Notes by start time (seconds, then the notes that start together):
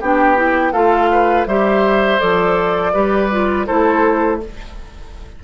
0.00 B3 D4 G4 G5
0.36 E4
0.72 A3 F4 A4 F5
1.11 B4
1.46 G3 G4 C5 E5
2.19 F3 A4 D5
2.93 G3 G4 B4
3.31 F4
3.66 A3 E4 A4 C5